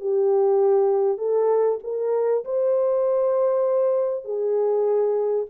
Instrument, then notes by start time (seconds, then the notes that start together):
horn
0.00 G4
1.18 A4
1.83 A#4
2.44 C5
4.25 G#4